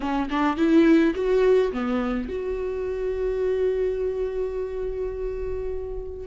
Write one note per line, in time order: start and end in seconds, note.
0.00 0.29 C#4
0.30 0.57 D4
0.57 1.14 E4
1.14 1.71 F#4
1.72 2.29 B3
2.29 6.27 F#4